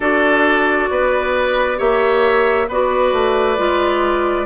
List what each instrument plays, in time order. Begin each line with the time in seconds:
0.00 bassoon D4, clarinet F#4, oboe A4, flute D5
0.90 bassoon B3, oboe B4
1.77 bassoon A#3, clarinet G4, oboe C#5, flute E5
2.68 bassoon B3, clarinet F#4, oboe B4, flute D5
3.12 bassoon A3
3.57 bassoon G#3, clarinet F4